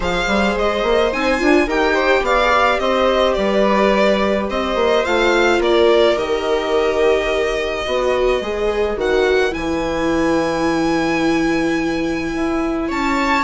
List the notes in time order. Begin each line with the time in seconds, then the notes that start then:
0.00 F3 G#4 C5 F5
0.27 G3
0.56 G#3 D#5
0.82 A#3
1.12 C4 D#4 G#5
1.39 D4 F4
1.66 D#4 G4 A#4 G5
1.93 C5
2.22 B3 D5 F5
2.41 G#4
2.53 G4
2.79 C4 C5 D#5
3.33 G3 B4 D5
4.49 C4 C5 D#5
4.75 A#3
5.05 A3 F4 F5
5.59 A#3 A#4 D5
6.15 D#3 G4 D#5
7.85 B3 F#4 B4
8.41 G#3 G#4
8.96 D#3 F#4 F#5
9.51 E3 E4 G#5
12.34 E4
12.88 C#4 C#5 A5